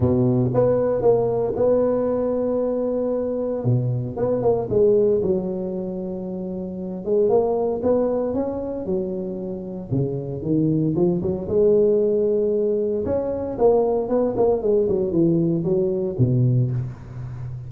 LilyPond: \new Staff \with { instrumentName = "tuba" } { \time 4/4 \tempo 4 = 115 b,4 b4 ais4 b4~ | b2. b,4 | b8 ais8 gis4 fis2~ | fis4. gis8 ais4 b4 |
cis'4 fis2 cis4 | dis4 f8 fis8 gis2~ | gis4 cis'4 ais4 b8 ais8 | gis8 fis8 e4 fis4 b,4 | }